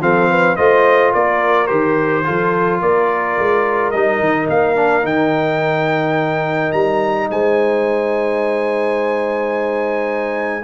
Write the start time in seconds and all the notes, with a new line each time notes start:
0.00 F3 C4 A4 F5
0.30 B4
0.56 A3 F4 C5 D#5
1.13 A#3 A#4 D5
1.67 D#3 G4 C5
2.25 F3 F4 A4
2.81 A#3 A#4 D5
3.38 G#3
3.91 G3 D#4 D#5
4.20 D#3
4.49 A#3 F5
4.75 D4
5.02 D#3 D#4 G5
6.72 G3 A#5
7.30 G#3 C5 G#5